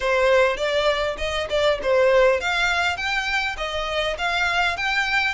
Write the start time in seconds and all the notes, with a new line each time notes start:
0.00 C5
0.56 D5
1.17 D#5
1.49 D5
1.82 C5
2.40 F5
2.96 G5
3.57 D#5
4.18 F5
4.77 G5